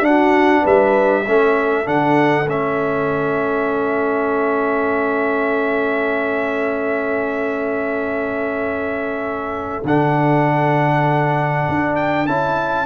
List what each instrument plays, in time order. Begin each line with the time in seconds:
0.00 tuba D4, trombone D4, trumpet F#5
0.06 horn F#4
0.62 tuba G3, horn B4, trumpet E5
1.26 tuba A3, trombone C#4, horn A4
1.84 tuba D3, trombone D4, trumpet F#5
2.46 tuba A3, trombone C#4, trumpet E5
9.84 tuba D3, trombone D4, trumpet F#5
11.68 tuba D4
11.96 trumpet G5
12.27 tuba C#4, trombone E4, trumpet A5